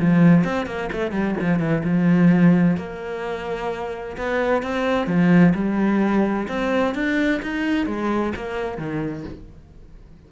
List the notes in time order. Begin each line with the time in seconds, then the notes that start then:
0.00 F3
0.44 C4
0.66 A#3
0.92 A3
1.11 G3
1.40 F3
1.59 E3
1.84 F3
2.77 A#3
4.17 B3
4.63 C4
5.07 F3
5.54 G3
6.48 C4
6.95 D4
7.42 D#4
7.86 G#3
8.36 A#3
8.78 D#3